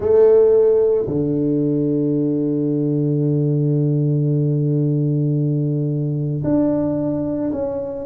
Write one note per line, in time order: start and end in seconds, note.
0.00 1.05 A3
1.07 6.42 D3
6.43 7.50 D4
7.52 8.05 C#4